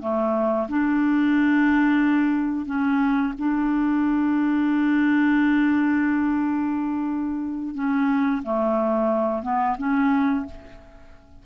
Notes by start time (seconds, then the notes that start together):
0.00 A3
0.68 D4
2.66 C#4
3.38 D4
7.74 C#4
8.42 A3
9.42 B3
9.78 C#4